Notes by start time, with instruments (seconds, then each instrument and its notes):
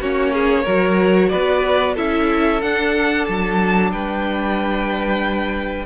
0.00 cello A#3, viola C#4, violin F#4 C#5
0.33 violin G#4
0.63 cello F#3, viola F#4, violin A#4
1.29 cello B3, violin B4 D5
1.94 cello C#4, viola E4, violin A4 E5
2.62 cello D4, viola D4, violin F#5
3.25 cello F#3, violin A5
3.92 cello G3, violin B4 G5